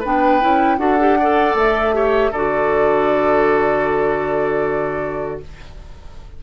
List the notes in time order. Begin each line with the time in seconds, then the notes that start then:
0.00 B3 D4 B4 G5
0.41 C#4 E4
0.78 D4 F#4 A4 F#5
1.00 G4
1.20 A4 D5
1.55 A3 E5
1.93 G4 C#5
2.31 D3 F#4 A4 D5